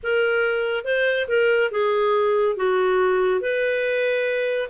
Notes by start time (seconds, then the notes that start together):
0.03 A#4
0.84 C5
1.28 A#4
1.71 G#4
2.56 F#4
3.40 B4